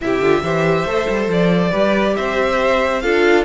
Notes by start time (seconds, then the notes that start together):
0.01 C3 E4 G4 E5
0.20 D3 F4
0.42 E3 G4 C5
0.84 A3 A4
1.09 G3
1.27 F3 D5
1.71 G3 G4 B4
2.16 C4 C5 E5
3.01 D4 F4 A4 F5